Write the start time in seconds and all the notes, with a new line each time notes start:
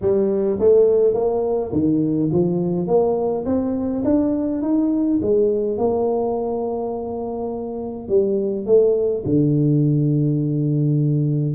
0.01 G3
0.59 A3
1.14 A#3
1.72 D#3
2.32 F3
2.87 A#3
3.45 C4
4.04 D4
4.62 D#4
5.22 G#3
5.77 A#3
8.08 G3
8.66 A3
9.25 D3